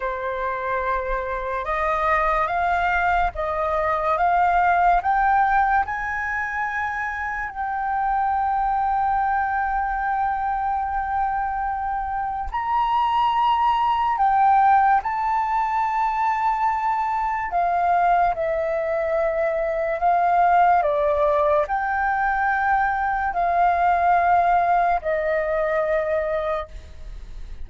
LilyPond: \new Staff \with { instrumentName = "flute" } { \time 4/4 \tempo 4 = 72 c''2 dis''4 f''4 | dis''4 f''4 g''4 gis''4~ | gis''4 g''2.~ | g''2. ais''4~ |
ais''4 g''4 a''2~ | a''4 f''4 e''2 | f''4 d''4 g''2 | f''2 dis''2 | }